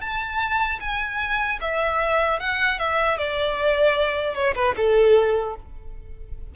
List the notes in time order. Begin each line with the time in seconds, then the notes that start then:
0.00 A5
0.80 G#5
1.61 E5
2.39 F#5
2.79 E5
3.17 D5
4.34 C#5
4.55 B4
4.76 A4